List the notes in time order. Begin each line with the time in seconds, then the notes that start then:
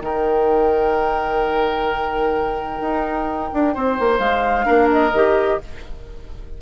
0.00 D#3 D#4 A#4 G5
2.81 D#4
3.54 D4
3.75 C4 C5
4.00 A#3
4.19 G#3 F5
4.64 A#3 D4 A#4
4.92 D#5
5.13 D#3 G4